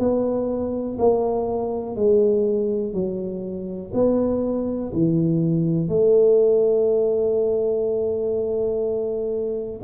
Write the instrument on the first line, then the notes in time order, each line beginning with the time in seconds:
tuba
0.00 B3
0.99 A#3
1.96 G#3
2.94 F#3
3.94 B3
4.93 E3
5.89 A3